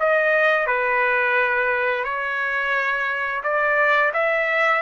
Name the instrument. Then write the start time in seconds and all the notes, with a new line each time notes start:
trumpet
0.00 D#5
0.67 B4
2.04 C#5
3.44 D5
4.14 E5